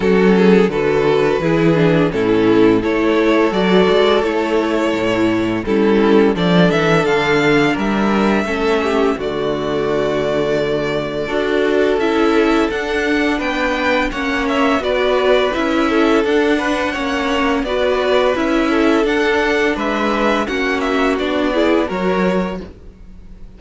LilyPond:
<<
  \new Staff \with { instrumentName = "violin" } { \time 4/4 \tempo 4 = 85 a'4 b'2 a'4 | cis''4 d''4 cis''2 | a'4 d''8 e''8 f''4 e''4~ | e''4 d''2.~ |
d''4 e''4 fis''4 g''4 | fis''8 e''8 d''4 e''4 fis''4~ | fis''4 d''4 e''4 fis''4 | e''4 fis''8 e''8 d''4 cis''4 | }
  \new Staff \with { instrumentName = "violin" } { \time 4/4 fis'8 gis'8 a'4 gis'4 e'4 | a'1 | e'4 a'2 ais'4 | a'8 g'8 fis'2. |
a'2. b'4 | cis''4 b'4. a'4 b'8 | cis''4 b'4. a'4. | b'4 fis'4. gis'8 ais'4 | }
  \new Staff \with { instrumentName = "viola" } { \time 4/4 cis'4 fis'4 e'8 d'8 cis'4 | e'4 fis'4 e'2 | cis'4 d'2. | cis'4 a2. |
fis'4 e'4 d'2 | cis'4 fis'4 e'4 d'4 | cis'4 fis'4 e'4 d'4~ | d'4 cis'4 d'8 e'8 fis'4 | }
  \new Staff \with { instrumentName = "cello" } { \time 4/4 fis4 d4 e4 a,4 | a4 fis8 gis8 a4 a,4 | g4 f8 e8 d4 g4 | a4 d2. |
d'4 cis'4 d'4 b4 | ais4 b4 cis'4 d'4 | ais4 b4 cis'4 d'4 | gis4 ais4 b4 fis4 | }
>>